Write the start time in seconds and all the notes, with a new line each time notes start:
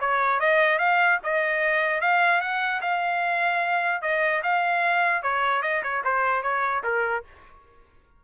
0.00 C#5
0.40 D#5
0.79 F5
1.23 D#5
2.01 F5
2.41 F#5
2.81 F5
4.02 D#5
4.43 F5
5.22 C#5
5.62 D#5
5.83 C#5
6.04 C5
6.43 C#5
6.83 A#4